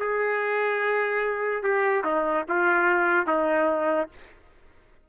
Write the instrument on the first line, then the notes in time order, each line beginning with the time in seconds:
trumpet
0.00 G#4
1.63 G4
2.04 D#4
2.49 F4
3.27 D#4